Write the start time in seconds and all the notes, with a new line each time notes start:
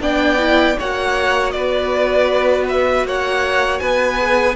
0.00 B3 D4 D5 G5
0.38 E4
0.78 A#3 F#4 C#5 F#5
1.51 B3 B4 D5
2.68 E5
3.04 A#3 C#5 F#5
3.79 B3 B4 G#5
4.19 G#4